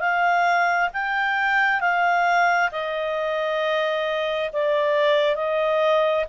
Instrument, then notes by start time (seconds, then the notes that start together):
clarinet
0.00 F5
0.93 G5
1.80 F5
2.72 D#5
4.53 D5
5.35 D#5